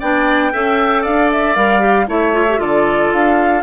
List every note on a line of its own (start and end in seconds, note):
0.00 0.54 B3
0.00 0.53 D4
0.00 0.52 D5
0.00 1.05 G5
0.53 1.06 C#4
0.53 1.56 A4
0.53 1.02 E5
1.02 1.56 D4
1.02 2.07 D5
1.02 1.31 F5
1.32 1.56 E5
1.56 2.08 G3
1.56 1.80 A#4
1.56 2.08 F5
1.80 2.07 G4
2.07 2.60 A3
2.07 2.33 E4
2.07 2.61 C#5
2.07 2.61 E5
2.33 2.46 F4
2.49 2.58 G4
2.58 3.12 D3
2.58 3.62 F4
2.58 3.63 A4
2.58 3.13 D5
3.13 3.63 D4
3.13 3.63 F5